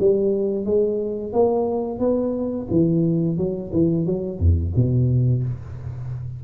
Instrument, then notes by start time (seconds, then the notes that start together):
tuba
0.00 G3
0.66 G#3
1.34 A#3
2.00 B3
2.71 E3
3.38 F#3
3.73 E3
4.07 F#3
4.39 E2
4.76 B2